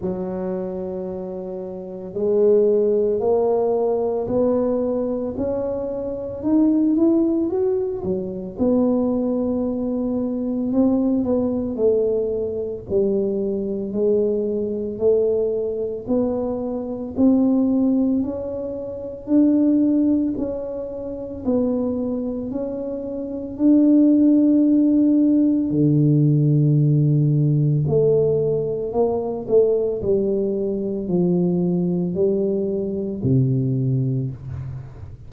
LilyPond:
\new Staff \with { instrumentName = "tuba" } { \time 4/4 \tempo 4 = 56 fis2 gis4 ais4 | b4 cis'4 dis'8 e'8 fis'8 fis8 | b2 c'8 b8 a4 | g4 gis4 a4 b4 |
c'4 cis'4 d'4 cis'4 | b4 cis'4 d'2 | d2 a4 ais8 a8 | g4 f4 g4 c4 | }